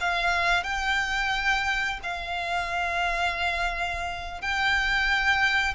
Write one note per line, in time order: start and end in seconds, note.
0.00 0.63 F5
0.63 2.00 G5
2.03 4.41 F5
4.41 5.74 G5